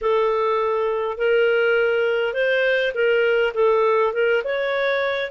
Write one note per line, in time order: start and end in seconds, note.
0.01 1.17 A4
1.17 2.33 A#4
2.33 2.92 C5
2.94 3.53 A#4
3.54 4.13 A4
4.13 4.42 A#4
4.44 5.30 C#5